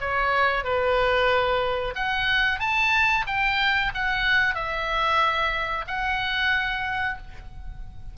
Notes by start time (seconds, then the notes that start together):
0.00 C#5
0.63 B4
1.95 F#5
2.59 A5
3.26 G5
3.94 F#5
4.55 E5
5.87 F#5